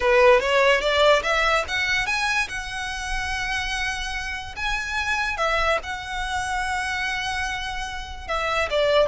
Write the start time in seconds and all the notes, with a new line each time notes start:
0.00 B4
0.40 C#5
0.81 D5
1.23 E5
1.68 F#5
2.06 G#5
2.48 F#5
4.56 G#5
5.37 E5
5.83 F#5
8.27 E5
8.70 D5